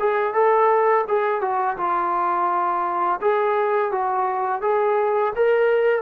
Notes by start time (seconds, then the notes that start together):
0.00 G#4
0.34 A4
1.08 G#4
1.42 F#4
1.78 F4
3.21 G#4
3.92 F#4
4.62 G#4
5.36 A#4